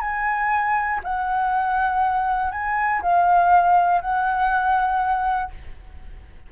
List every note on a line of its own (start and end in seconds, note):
0.00 1.00 G#5
1.03 2.51 F#5
2.51 3.01 G#5
3.02 4.01 F5
4.01 5.51 F#5